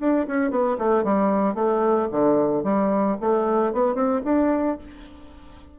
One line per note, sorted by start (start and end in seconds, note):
0.00 0.27 D4
0.27 0.51 C#4
0.51 0.77 B3
0.79 1.04 A3
1.04 1.55 G3
1.55 2.08 A3
2.12 2.64 D3
2.64 3.17 G3
3.21 3.73 A3
3.73 3.95 B3
3.95 4.21 C4
4.25 4.78 D4